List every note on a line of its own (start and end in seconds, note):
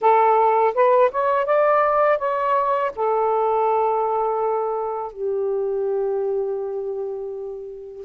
0.01 0.74 A4
0.74 1.10 B4
1.11 1.45 C#5
1.45 2.18 D5
2.18 2.91 C#5
2.95 5.12 A4
5.12 8.05 G4